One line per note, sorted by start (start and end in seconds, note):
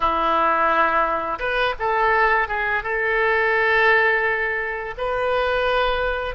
0.00 1.38 E4
1.39 1.74 B4
1.79 2.47 A4
2.47 2.83 G#4
2.83 4.94 A4
4.97 6.35 B4